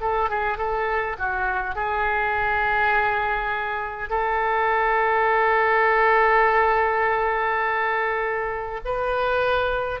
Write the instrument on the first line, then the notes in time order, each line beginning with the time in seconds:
oboe
0.00 A4
0.29 G#4
0.57 A4
1.18 F#4
1.75 G#4
4.09 A4
8.84 B4